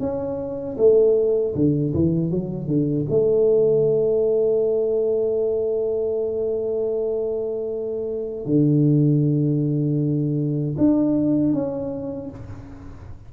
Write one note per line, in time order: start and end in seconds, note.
0.00 0.77 C#4
0.78 1.55 A3
1.55 1.94 D3
1.94 2.31 E3
2.31 2.67 F#3
2.67 3.06 D3
3.10 8.45 A3
8.45 10.76 D3
10.78 11.53 D4
11.53 12.30 C#4